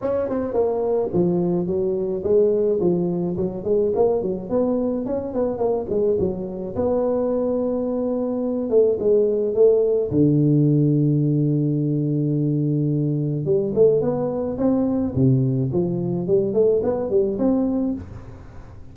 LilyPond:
\new Staff \with { instrumentName = "tuba" } { \time 4/4 \tempo 4 = 107 cis'8 c'8 ais4 f4 fis4 | gis4 f4 fis8 gis8 ais8 fis8 | b4 cis'8 b8 ais8 gis8 fis4 | b2.~ b8 a8 |
gis4 a4 d2~ | d1 | g8 a8 b4 c'4 c4 | f4 g8 a8 b8 g8 c'4 | }